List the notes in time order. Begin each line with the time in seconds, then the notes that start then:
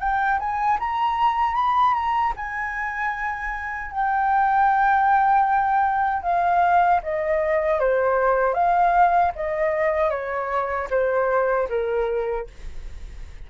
0.00 G5
0.39 G#5
0.79 A#5
1.54 B5
1.94 A#5
2.36 G#5
3.91 G5
6.23 F5
7.03 D#5
7.80 C5
8.54 F5
9.35 D#5
10.10 C#5
10.90 C5
11.69 A#4